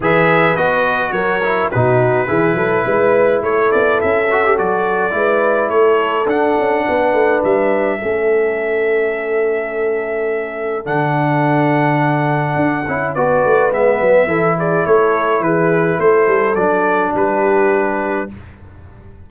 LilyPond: <<
  \new Staff \with { instrumentName = "trumpet" } { \time 4/4 \tempo 4 = 105 e''4 dis''4 cis''4 b'4~ | b'2 cis''8 d''8 e''4 | d''2 cis''4 fis''4~ | fis''4 e''2.~ |
e''2. fis''4~ | fis''2. d''4 | e''4. d''8 cis''4 b'4 | c''4 d''4 b'2 | }
  \new Staff \with { instrumentName = "horn" } { \time 4/4 b'2 ais'4 fis'4 | gis'8 a'8 b'4 a'2~ | a'4 b'4 a'2 | b'2 a'2~ |
a'1~ | a'2. b'4~ | b'4 a'8 gis'8 a'4 gis'4 | a'2 g'2 | }
  \new Staff \with { instrumentName = "trombone" } { \time 4/4 gis'4 fis'4. e'8 dis'4 | e'2.~ e'8 fis'16 g'16 | fis'4 e'2 d'4~ | d'2 cis'2~ |
cis'2. d'4~ | d'2~ d'8 e'8 fis'4 | b4 e'2.~ | e'4 d'2. | }
  \new Staff \with { instrumentName = "tuba" } { \time 4/4 e4 b4 fis4 b,4 | e8 fis8 gis4 a8 b8 cis'4 | fis4 gis4 a4 d'8 cis'8 | b8 a8 g4 a2~ |
a2. d4~ | d2 d'8 cis'8 b8 a8 | gis8 fis8 e4 a4 e4 | a8 g8 fis4 g2 | }
>>